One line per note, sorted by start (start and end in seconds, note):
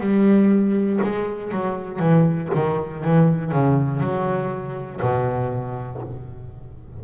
0.00 1.00 G3
1.03 1.52 G#3
1.52 2.00 F#3
2.00 2.50 E3
2.55 3.05 D#3
3.05 3.52 E3
3.52 4.01 C#3
4.01 5.01 F#3
5.02 6.02 B2